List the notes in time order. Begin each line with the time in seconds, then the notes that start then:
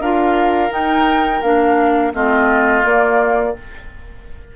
0.00 D4 F4 A#4 F5
0.69 D#4 G5
1.42 A#3 D4 F5
2.13 A3 C4 F4 D#5
2.83 A#3 D5